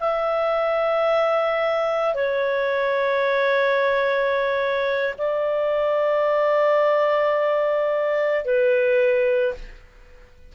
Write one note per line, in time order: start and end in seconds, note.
0.00 2.15 E5
2.15 5.14 C#5
5.18 8.45 D5
8.45 9.54 B4